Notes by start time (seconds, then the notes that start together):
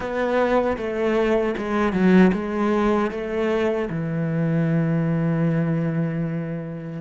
0.00 B3
0.77 A3
1.57 G#3
1.92 F#3
2.32 G#3
3.11 A3
3.90 E3